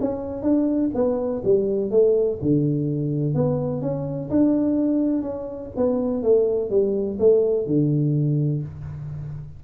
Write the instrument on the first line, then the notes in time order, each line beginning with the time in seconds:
tuba
0.00 C#4
0.42 D4
0.94 B3
1.44 G3
1.90 A3
2.41 D3
3.34 B3
3.81 C#4
4.30 D4
5.21 C#4
5.76 B3
6.22 A3
6.70 G3
7.19 A3
7.66 D3